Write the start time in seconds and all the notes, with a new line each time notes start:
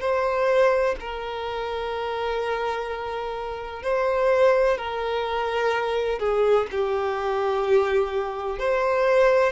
0.00 C5
1.00 A#4
3.82 C5
4.77 A#4
6.19 G#4
6.71 G4
8.58 C5